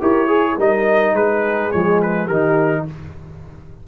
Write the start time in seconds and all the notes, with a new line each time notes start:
0.00 E4 G4 A#4 C#5
0.28 G#4
0.57 G3 D#4 A#4 D#5
1.13 G#3 G#4 B4
1.71 F3 G#3 C#5
2.02 B4
2.25 D#3 D#4 G4 A#4